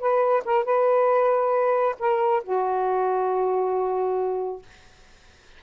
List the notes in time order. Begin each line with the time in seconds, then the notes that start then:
0.00 B4
0.45 A#4
0.65 B4
2.00 A#4
2.44 F#4